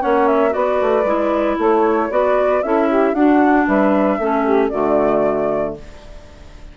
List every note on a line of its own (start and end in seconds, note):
0.00 0.55 A#3
0.00 0.51 C#4
0.00 0.52 C#5
0.00 0.28 F#5
0.28 0.53 E5
0.51 0.82 B3
0.51 1.03 F#4
0.51 1.57 B4
0.51 1.58 D5
0.82 1.05 A3
1.05 1.57 G#3
1.05 2.11 E4
1.57 2.11 A3
1.57 2.10 A4
1.57 2.12 C#5
2.11 2.63 B3
2.11 2.63 F#4
2.11 2.64 B4
2.11 2.63 D5
2.63 3.14 C#4
2.63 3.16 E4
2.63 2.89 A4
2.63 3.15 E5
2.89 3.14 G4
3.14 3.66 D4
3.14 4.20 D4
3.14 3.66 F#4
3.14 3.67 F#5
3.67 4.19 G3
3.67 4.18 B4
3.67 4.70 E5
4.18 4.71 A3
4.18 4.73 C#4
4.18 4.45 A4
4.45 4.70 G4
4.70 5.78 D3
4.70 5.77 A3
4.70 5.74 F#4
4.70 5.74 D5